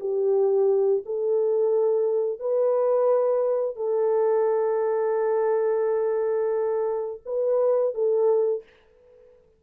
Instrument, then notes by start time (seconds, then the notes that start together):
horn
0.00 G4
1.06 A4
2.39 B4
3.76 A4
7.25 B4
7.94 A4